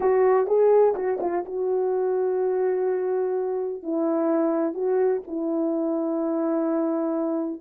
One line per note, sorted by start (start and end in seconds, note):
0.00 0.46 F#4
0.46 0.94 G#4
0.95 1.19 F#4
1.20 1.44 F4
1.45 3.82 F#4
3.82 4.73 E4
4.73 5.21 F#4
5.27 7.61 E4